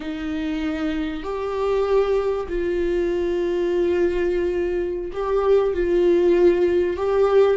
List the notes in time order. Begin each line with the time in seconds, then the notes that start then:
0.00 D#4
1.23 G4
2.48 F4
5.13 G4
5.73 F4
6.96 G4